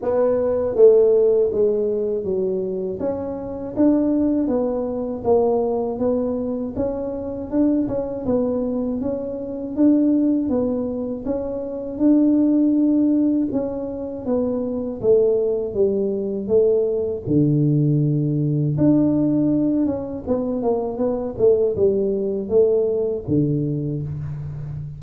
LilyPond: \new Staff \with { instrumentName = "tuba" } { \time 4/4 \tempo 4 = 80 b4 a4 gis4 fis4 | cis'4 d'4 b4 ais4 | b4 cis'4 d'8 cis'8 b4 | cis'4 d'4 b4 cis'4 |
d'2 cis'4 b4 | a4 g4 a4 d4~ | d4 d'4. cis'8 b8 ais8 | b8 a8 g4 a4 d4 | }